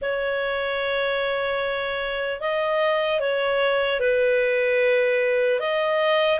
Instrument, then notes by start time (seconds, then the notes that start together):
clarinet
0.01 C#5
2.40 D#5
3.20 C#5
4.00 B4
5.59 D#5